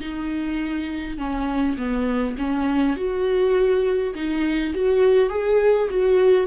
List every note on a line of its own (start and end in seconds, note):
0.00 1.18 D#4
1.18 1.77 C#4
1.77 2.36 B3
2.38 2.96 C#4
2.96 4.14 F#4
4.14 4.73 D#4
4.74 5.29 F#4
5.29 5.88 G#4
5.89 6.46 F#4